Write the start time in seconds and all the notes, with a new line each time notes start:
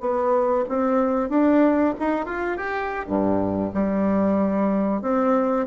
0.00 B3
0.68 C4
1.29 D4
1.99 D#4
2.25 F4
2.57 G4
3.07 G2
3.74 G3
5.02 C4